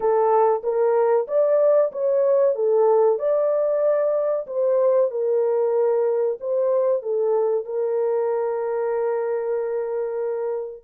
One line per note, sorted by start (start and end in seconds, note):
0.00 0.62 A4
0.63 1.26 A#4
1.27 1.91 D5
1.91 2.55 C#5
2.55 3.19 A4
3.19 4.46 D5
4.47 5.10 C5
5.10 6.38 A#4
6.40 7.02 C5
7.02 7.65 A4
7.65 10.84 A#4